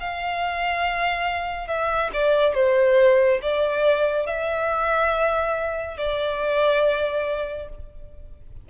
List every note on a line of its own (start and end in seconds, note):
0.00 1.68 F5
1.68 2.10 E5
2.13 2.54 D5
2.54 3.40 C5
3.42 4.26 D5
4.26 5.97 E5
5.97 7.69 D5